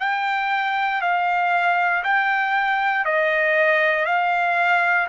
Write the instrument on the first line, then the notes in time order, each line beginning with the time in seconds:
trumpet
0.00 G5
1.02 F5
2.03 G5
3.05 D#5
4.05 F5